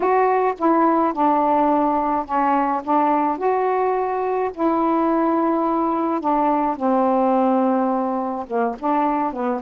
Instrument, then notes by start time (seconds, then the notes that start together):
saxophone
0.00 F#4
0.58 E4
1.13 D4
2.25 C#4
2.84 D4
3.37 F#4
4.54 E4
6.20 D4
6.76 C4
8.47 A#3
8.79 D4
9.32 B3